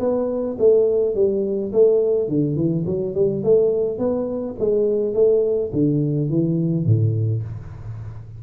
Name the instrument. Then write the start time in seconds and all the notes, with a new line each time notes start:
tuba
0.00 B3
0.59 A3
1.15 G3
1.73 A3
2.29 D3
2.56 E3
2.86 F#3
3.15 G3
3.44 A3
3.99 B3
4.59 G#3
5.14 A3
5.73 D3
6.30 E3
6.86 A2